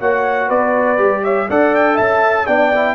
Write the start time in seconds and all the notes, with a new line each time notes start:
0.00 A#3 F#4 C#5 F#5
0.48 B3 B4 D5
0.98 G3 G4
1.24 C#5 E5
1.49 D4 A4 D5 F#5
1.75 G5
1.95 C#4 E5 A5
2.47 B3 D4 D5 G5
2.75 E4